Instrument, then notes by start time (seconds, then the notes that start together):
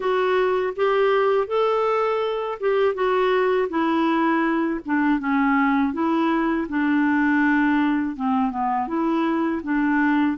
clarinet
0.00 F#4
0.76 G4
1.47 A4
2.60 G4
2.94 F#4
3.69 E4
4.85 D4
5.19 C#4
5.93 E4
6.68 D4
8.15 C4
8.51 B3
8.87 E4
9.63 D4